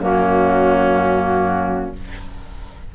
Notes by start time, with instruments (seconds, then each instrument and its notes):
0.00 bassoon F#2, clarinet A#3, oboe C#4, flute F#4